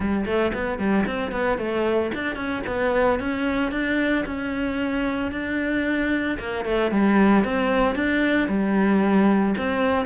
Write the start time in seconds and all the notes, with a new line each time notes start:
0.00 G3
0.25 A3
0.54 B3
0.78 G3
1.06 C4
1.31 B3
1.58 A3
2.14 D4
2.35 C#4
2.66 B3
3.19 C#4
3.71 D4
4.25 C#4
5.31 D4
6.39 A#3
6.64 A3
6.91 G3
7.44 C4
7.95 D4
8.48 G3
9.57 C4